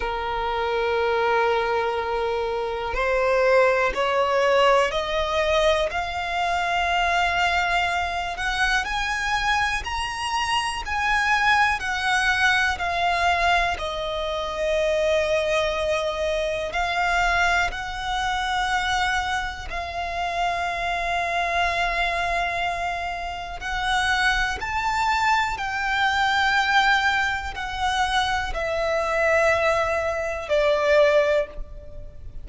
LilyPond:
\new Staff \with { instrumentName = "violin" } { \time 4/4 \tempo 4 = 61 ais'2. c''4 | cis''4 dis''4 f''2~ | f''8 fis''8 gis''4 ais''4 gis''4 | fis''4 f''4 dis''2~ |
dis''4 f''4 fis''2 | f''1 | fis''4 a''4 g''2 | fis''4 e''2 d''4 | }